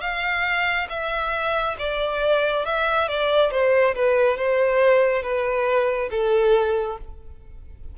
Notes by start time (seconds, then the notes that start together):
0.00 F5
0.89 E5
1.78 D5
2.65 E5
3.08 D5
3.51 C5
3.95 B4
4.37 C5
5.22 B4
6.10 A4